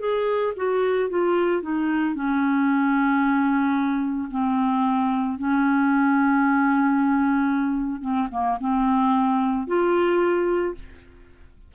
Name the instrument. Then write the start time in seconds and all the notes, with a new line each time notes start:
clarinet
0.00 G#4
0.56 F#4
1.10 F4
1.62 D#4
2.15 C#4
4.31 C4
5.39 C#4
8.02 C4
8.32 A#3
8.61 C4
9.68 F4